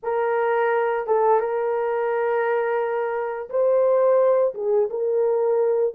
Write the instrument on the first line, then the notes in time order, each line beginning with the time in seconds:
horn
0.02 A#4
1.07 A4
1.40 A#4
3.49 C5
4.54 G#4
4.90 A#4